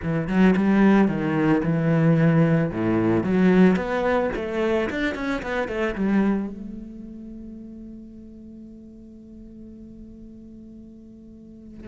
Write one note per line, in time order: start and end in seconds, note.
0.02 0.27 E3
0.27 0.54 F#3
0.56 1.08 G3
1.08 1.62 D#3
1.63 2.71 E3
2.71 3.23 A2
3.23 3.76 F#3
3.76 4.30 B3
4.35 4.89 A3
4.90 5.14 D4
5.14 5.42 C#4
5.42 5.68 B3
5.68 5.95 A3
5.95 6.48 G3
6.48 11.88 A3